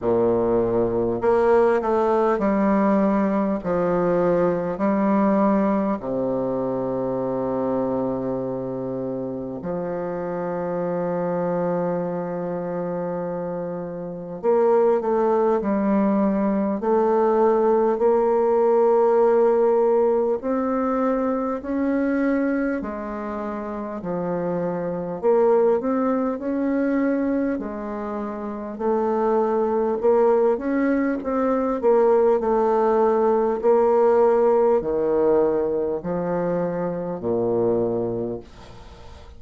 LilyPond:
\new Staff \with { instrumentName = "bassoon" } { \time 4/4 \tempo 4 = 50 ais,4 ais8 a8 g4 f4 | g4 c2. | f1 | ais8 a8 g4 a4 ais4~ |
ais4 c'4 cis'4 gis4 | f4 ais8 c'8 cis'4 gis4 | a4 ais8 cis'8 c'8 ais8 a4 | ais4 dis4 f4 ais,4 | }